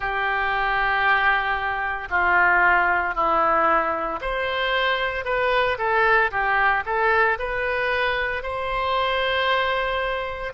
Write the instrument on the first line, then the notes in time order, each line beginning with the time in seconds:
oboe
0.00 G4
2.10 F4
3.14 E4
4.21 C5
5.24 B4
5.78 A4
6.31 G4
6.85 A4
7.38 B4
8.42 C5